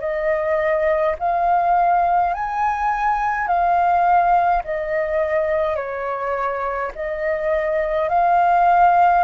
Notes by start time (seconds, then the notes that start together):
0.00 D#5
1.19 F5
2.34 G#5
3.47 F5
4.64 D#5
5.76 C#5
6.95 D#5
8.09 F5